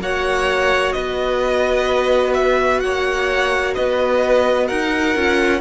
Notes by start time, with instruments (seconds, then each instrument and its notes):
0.00 cello A#3, viola F#4, violin C#5 F#5
0.93 cello B3, violin B4 D#5
2.34 violin E5
2.80 cello A#3, violin C#5 F#5
3.75 cello B3, violin B4 D#5
4.66 cello D#4, violin A#4 F#5
5.15 cello C#4, viola F4